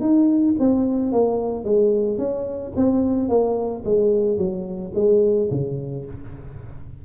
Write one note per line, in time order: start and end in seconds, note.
0.00 0.55 D#4
0.59 1.12 C4
1.12 1.64 A#3
1.64 2.18 G#3
2.18 2.72 C#4
2.76 3.28 C4
3.28 3.83 A#3
3.84 4.37 G#3
4.37 4.92 F#3
4.94 5.49 G#3
5.50 6.05 C#3